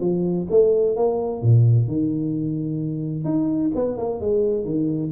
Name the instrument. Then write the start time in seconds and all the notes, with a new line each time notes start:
tuba
0.00 F3
0.50 A3
0.96 A#3
1.42 A#2
1.87 D#3
3.24 D#4
3.75 B3
3.97 A#3
4.20 G#3
4.65 D#3